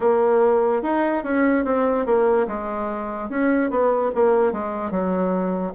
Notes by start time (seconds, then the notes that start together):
0.00 A#3
0.82 D#4
1.23 C#4
1.64 C4
2.05 A#3
2.47 G#3
3.29 C#4
3.70 B3
4.14 A#3
4.52 G#3
4.90 F#3